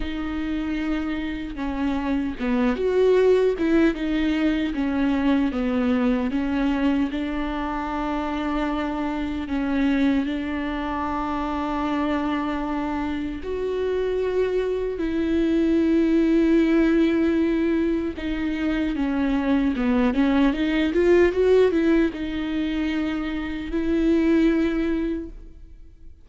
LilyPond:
\new Staff \with { instrumentName = "viola" } { \time 4/4 \tempo 4 = 76 dis'2 cis'4 b8 fis'8~ | fis'8 e'8 dis'4 cis'4 b4 | cis'4 d'2. | cis'4 d'2.~ |
d'4 fis'2 e'4~ | e'2. dis'4 | cis'4 b8 cis'8 dis'8 f'8 fis'8 e'8 | dis'2 e'2 | }